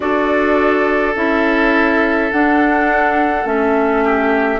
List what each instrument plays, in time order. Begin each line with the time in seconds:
0.00 bassoon D4, clarinet F#4, oboe A4, flute D5
1.15 bassoon C#4, clarinet E4, flute E5
2.31 clarinet D4, bassoon D4, flute F#5
3.44 bassoon A3, clarinet C#4, flute E5
4.04 oboe G4